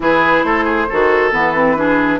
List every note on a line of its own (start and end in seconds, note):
0.00 0.43 E3
0.00 0.87 E4
0.00 0.45 G#4
0.00 0.43 B4
0.43 0.87 A3
0.43 0.64 A4
0.43 1.31 C5
0.64 0.86 G#4
0.89 1.32 D#3
0.89 1.32 F#4
0.89 1.77 A4
1.32 2.19 E3
1.32 1.54 B3
1.32 2.19 B4
1.54 1.76 C4
1.76 2.19 D4
1.76 2.19 G#4